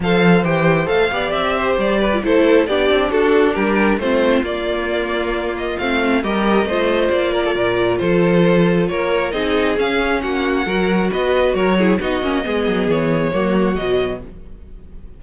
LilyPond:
<<
  \new Staff \with { instrumentName = "violin" } { \time 4/4 \tempo 4 = 135 f''4 g''4 f''4 e''4 | d''4 c''4 d''4 a'4 | ais'4 c''4 d''2~ | d''8 dis''8 f''4 dis''2 |
d''2 c''2 | cis''4 dis''4 f''4 fis''4~ | fis''4 dis''4 cis''4 dis''4~ | dis''4 cis''2 dis''4 | }
  \new Staff \with { instrumentName = "violin" } { \time 4/4 c''2~ c''8 d''4 c''8~ | c''8 b'8 a'4 g'4 fis'4 | g'4 f'2.~ | f'2 ais'4 c''4~ |
c''8 ais'16 a'16 ais'4 a'2 | ais'4 gis'2 fis'4 | ais'4 b'4 ais'8 gis'8 fis'4 | gis'2 fis'2 | }
  \new Staff \with { instrumentName = "viola" } { \time 4/4 a'4 g'4 a'8 g'4.~ | g'8. f'16 e'4 d'2~ | d'4 c'4 ais2~ | ais4 c'4 g'4 f'4~ |
f'1~ | f'4 dis'4 cis'2 | fis'2~ fis'8 e'8 dis'8 cis'8 | b2 ais4 fis4 | }
  \new Staff \with { instrumentName = "cello" } { \time 4/4 f4 e4 a8 b8 c'4 | g4 a4 b8 c'8 d'4 | g4 a4 ais2~ | ais4 a4 g4 a4 |
ais4 ais,4 f2 | ais4 c'4 cis'4 ais4 | fis4 b4 fis4 b8 ais8 | gis8 fis8 e4 fis4 b,4 | }
>>